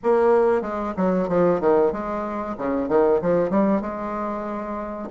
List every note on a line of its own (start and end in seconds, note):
0.03 0.61 A#3
0.61 0.93 G#3
0.96 1.28 F#3
1.28 1.60 F3
1.60 1.92 D#3
1.92 2.56 G#3
2.57 2.88 C#3
2.88 3.20 D#3
3.21 3.50 F3
3.50 3.81 G3
3.81 5.09 G#3